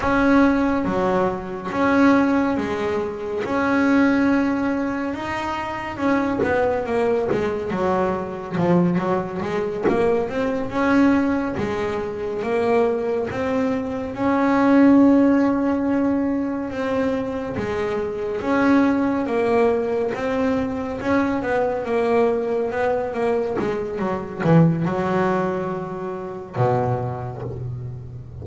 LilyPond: \new Staff \with { instrumentName = "double bass" } { \time 4/4 \tempo 4 = 70 cis'4 fis4 cis'4 gis4 | cis'2 dis'4 cis'8 b8 | ais8 gis8 fis4 f8 fis8 gis8 ais8 | c'8 cis'4 gis4 ais4 c'8~ |
c'8 cis'2. c'8~ | c'8 gis4 cis'4 ais4 c'8~ | c'8 cis'8 b8 ais4 b8 ais8 gis8 | fis8 e8 fis2 b,4 | }